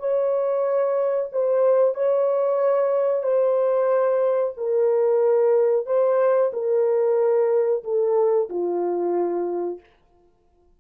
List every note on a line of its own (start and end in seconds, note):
0.00 1.30 C#5
1.33 1.95 C5
1.95 3.23 C#5
3.23 4.54 C5
4.58 5.87 A#4
5.87 6.52 C5
6.54 7.84 A#4
7.84 8.49 A4
8.50 9.81 F4